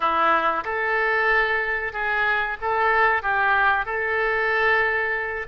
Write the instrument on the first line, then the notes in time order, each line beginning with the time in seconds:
oboe
0.00 E4
0.64 A4
1.92 G#4
2.61 A4
3.22 G4
3.85 A4